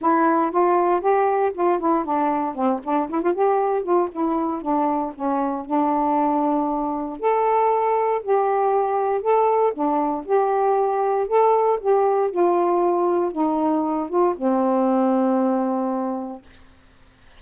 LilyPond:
\new Staff \with { instrumentName = "saxophone" } { \time 4/4 \tempo 4 = 117 e'4 f'4 g'4 f'8 e'8 | d'4 c'8 d'8 e'16 f'16 g'4 f'8 | e'4 d'4 cis'4 d'4~ | d'2 a'2 |
g'2 a'4 d'4 | g'2 a'4 g'4 | f'2 dis'4. f'8 | c'1 | }